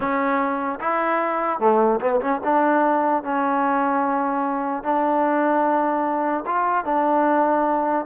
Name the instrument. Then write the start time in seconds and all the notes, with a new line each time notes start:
trombone
0.00 C#4
0.80 E4
1.59 A3
2.00 B3
2.20 C#4
2.44 D4
3.23 C#4
4.83 D4
6.46 F4
6.84 D4